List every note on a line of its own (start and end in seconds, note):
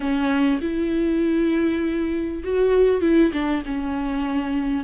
0.00 0.60 C#4
0.61 2.43 E4
2.43 3.01 F#4
3.01 3.31 E4
3.33 3.63 D4
3.65 4.84 C#4